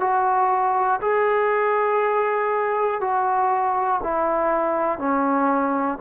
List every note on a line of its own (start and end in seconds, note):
0.00 1.00 F#4
1.00 3.00 G#4
3.00 4.00 F#4
4.03 4.98 E4
4.98 5.98 C#4